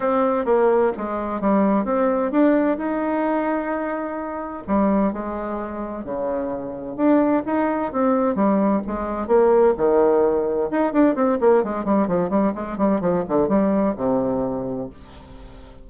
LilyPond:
\new Staff \with { instrumentName = "bassoon" } { \time 4/4 \tempo 4 = 129 c'4 ais4 gis4 g4 | c'4 d'4 dis'2~ | dis'2 g4 gis4~ | gis4 cis2 d'4 |
dis'4 c'4 g4 gis4 | ais4 dis2 dis'8 d'8 | c'8 ais8 gis8 g8 f8 g8 gis8 g8 | f8 d8 g4 c2 | }